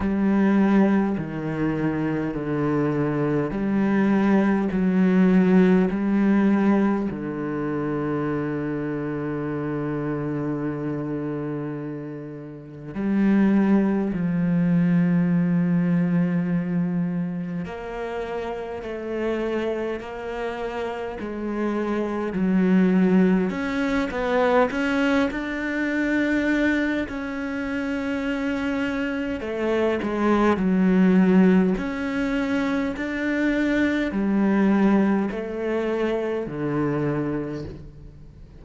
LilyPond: \new Staff \with { instrumentName = "cello" } { \time 4/4 \tempo 4 = 51 g4 dis4 d4 g4 | fis4 g4 d2~ | d2. g4 | f2. ais4 |
a4 ais4 gis4 fis4 | cis'8 b8 cis'8 d'4. cis'4~ | cis'4 a8 gis8 fis4 cis'4 | d'4 g4 a4 d4 | }